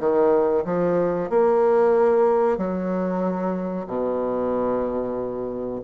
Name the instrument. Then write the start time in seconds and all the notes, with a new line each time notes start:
bassoon
0.00 D#3
0.65 F3
1.30 A#3
2.58 F#3
3.87 B2